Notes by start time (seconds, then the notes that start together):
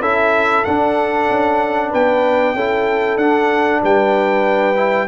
0.00 C#4 E4 A4 E5
0.64 D4 F#5
1.30 C#4
1.90 B3 B4 G5
2.53 C#4 E4 A4
3.16 D4 F#5
3.83 G3 B4 G5
4.75 E4